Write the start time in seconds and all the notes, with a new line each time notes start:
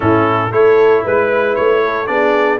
0.00 A2 C#4 E4 A4
0.51 A3 E4 A4 C#5
1.04 G#3 B4
1.55 A3 C#5
1.84 A4
2.06 B3 D4 G#4 D5